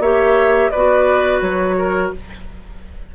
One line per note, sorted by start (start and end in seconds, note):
0.00 0.70 A#3
0.00 0.73 G4
0.00 0.72 C#5
0.00 0.71 E5
0.71 1.42 B3
0.71 2.16 F#4
0.71 1.76 B4
0.71 1.41 D5
1.42 2.11 F#3
1.42 2.11 C#5
1.79 2.14 A#4